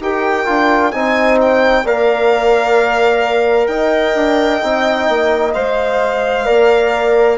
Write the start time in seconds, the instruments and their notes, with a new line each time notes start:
0.00 bassoon D#4, trombone G4, horn A#4, violin G5
0.46 bassoon D4, trombone F4
0.92 bassoon C4, trombone D#4, horn C5, violin G#5
1.42 violin G5
1.85 bassoon A#3, trombone A#4, horn D5, violin F5
3.67 bassoon D#4, horn D#5, violin G5
4.15 bassoon D4
4.62 bassoon C4, trombone D#4
5.09 bassoon A#3
5.54 bassoon G#3, trombone C5, violin F5
6.45 bassoon A#3, trombone A#4, horn D5